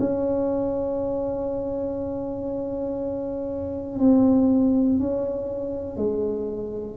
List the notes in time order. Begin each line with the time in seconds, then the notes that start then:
0.00 C#4
3.99 C4
4.99 C#4
5.97 G#3